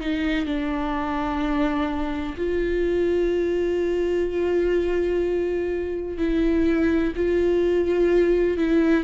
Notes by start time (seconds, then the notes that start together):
0.00 D#4
0.45 D4
2.37 F4
6.18 E4
7.16 F4
8.57 E4